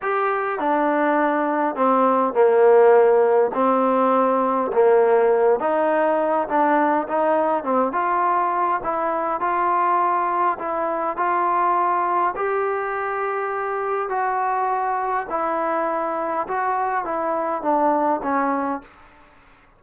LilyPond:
\new Staff \with { instrumentName = "trombone" } { \time 4/4 \tempo 4 = 102 g'4 d'2 c'4 | ais2 c'2 | ais4. dis'4. d'4 | dis'4 c'8 f'4. e'4 |
f'2 e'4 f'4~ | f'4 g'2. | fis'2 e'2 | fis'4 e'4 d'4 cis'4 | }